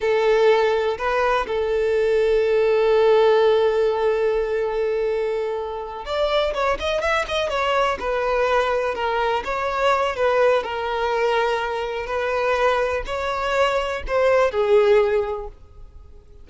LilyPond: \new Staff \with { instrumentName = "violin" } { \time 4/4 \tempo 4 = 124 a'2 b'4 a'4~ | a'1~ | a'1~ | a'8 d''4 cis''8 dis''8 e''8 dis''8 cis''8~ |
cis''8 b'2 ais'4 cis''8~ | cis''4 b'4 ais'2~ | ais'4 b'2 cis''4~ | cis''4 c''4 gis'2 | }